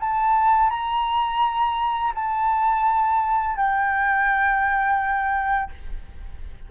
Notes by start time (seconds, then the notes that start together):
0.00 A5
0.70 A#5
2.15 A5
3.56 G5